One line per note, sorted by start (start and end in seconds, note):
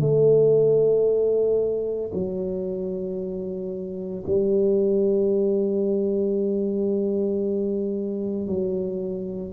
0.00 2.11 A3
2.13 4.24 F#3
4.26 8.47 G3
8.47 9.52 F#3